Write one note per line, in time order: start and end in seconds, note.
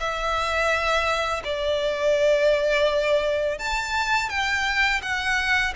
0.00 1.43 E5
1.44 3.58 D5
3.59 4.30 A5
4.30 5.01 G5
5.02 5.74 F#5